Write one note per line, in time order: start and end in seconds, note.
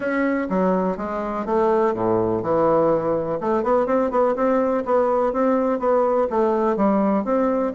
0.00 0.47 C#4
0.49 0.97 F#3
0.97 1.45 G#3
1.45 1.94 A3
1.94 2.42 A2
2.42 3.39 E3
3.40 3.63 A3
3.63 3.86 B3
3.86 4.10 C4
4.11 4.35 B3
4.35 4.84 C4
4.85 5.32 B3
5.32 5.79 C4
5.79 6.27 B3
6.29 6.76 A3
6.76 7.24 G3
7.24 7.72 C4